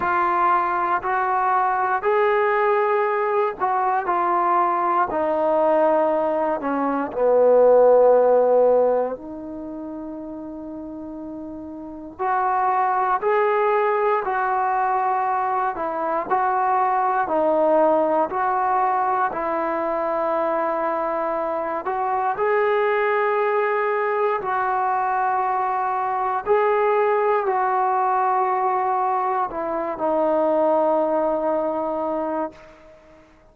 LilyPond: \new Staff \with { instrumentName = "trombone" } { \time 4/4 \tempo 4 = 59 f'4 fis'4 gis'4. fis'8 | f'4 dis'4. cis'8 b4~ | b4 dis'2. | fis'4 gis'4 fis'4. e'8 |
fis'4 dis'4 fis'4 e'4~ | e'4. fis'8 gis'2 | fis'2 gis'4 fis'4~ | fis'4 e'8 dis'2~ dis'8 | }